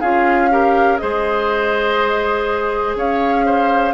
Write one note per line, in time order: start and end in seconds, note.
0.00 1.00 C#4
0.00 0.51 F4
0.00 0.49 G#4
0.00 0.98 F5
0.51 0.99 G4
0.51 1.01 A#4
0.98 2.95 G#3
0.98 3.94 G#4
0.98 2.97 C5
0.98 2.94 D#5
2.95 3.94 C#4
2.95 3.45 C#5
2.95 3.94 F5
3.45 3.94 C5